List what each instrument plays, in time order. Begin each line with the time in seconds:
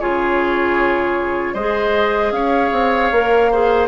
0.00 bassoon C#3, clarinet F4, oboe G#4, flute C#5
1.54 bassoon G#3, clarinet G#4, oboe C5, flute D#5
2.32 bassoon C#4, oboe C#5, flute F5
2.72 bassoon C4
3.12 bassoon A#3, clarinet A#4
3.51 clarinet G#4, oboe C5